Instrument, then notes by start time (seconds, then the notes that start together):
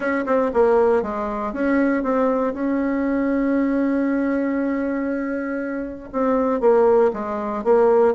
bassoon
0.00 C#4
0.25 C4
0.53 A#3
1.02 G#3
1.53 C#4
2.03 C4
2.53 C#4
6.12 C4
6.60 A#3
7.13 G#3
7.63 A#3